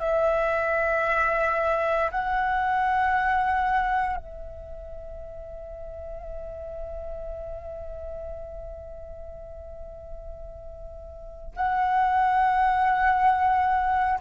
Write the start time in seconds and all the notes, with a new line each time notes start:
0.00 E5
2.11 F#5
4.17 E5
11.56 F#5